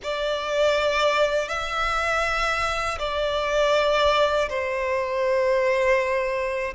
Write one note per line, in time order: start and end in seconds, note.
0.03 1.48 D5
1.48 2.98 E5
2.98 4.48 D5
4.49 6.74 C5